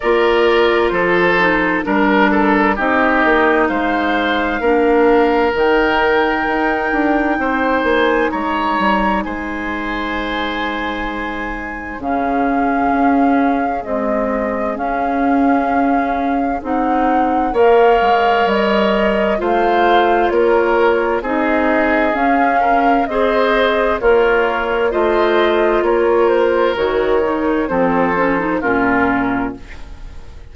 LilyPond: <<
  \new Staff \with { instrumentName = "flute" } { \time 4/4 \tempo 4 = 65 d''4 c''4 ais'4 dis''4 | f''2 g''2~ | g''8 gis''8 ais''4 gis''2~ | gis''4 f''2 dis''4 |
f''2 fis''4 f''4 | dis''4 f''4 cis''4 dis''4 | f''4 dis''4 cis''4 dis''4 | cis''8 c''8 cis''4 c''4 ais'4 | }
  \new Staff \with { instrumentName = "oboe" } { \time 4/4 ais'4 a'4 ais'8 a'8 g'4 | c''4 ais'2. | c''4 cis''4 c''2~ | c''4 gis'2.~ |
gis'2. cis''4~ | cis''4 c''4 ais'4 gis'4~ | gis'8 ais'8 c''4 f'4 c''4 | ais'2 a'4 f'4 | }
  \new Staff \with { instrumentName = "clarinet" } { \time 4/4 f'4. dis'8 d'4 dis'4~ | dis'4 d'4 dis'2~ | dis'1~ | dis'4 cis'2 gis4 |
cis'2 dis'4 ais'4~ | ais'4 f'2 dis'4 | cis'4 gis'4 ais'4 f'4~ | f'4 fis'8 dis'8 c'8 cis'16 dis'16 cis'4 | }
  \new Staff \with { instrumentName = "bassoon" } { \time 4/4 ais4 f4 g4 c'8 ais8 | gis4 ais4 dis4 dis'8 d'8 | c'8 ais8 gis8 g8 gis2~ | gis4 cis4 cis'4 c'4 |
cis'2 c'4 ais8 gis8 | g4 a4 ais4 c'4 | cis'4 c'4 ais4 a4 | ais4 dis4 f4 ais,4 | }
>>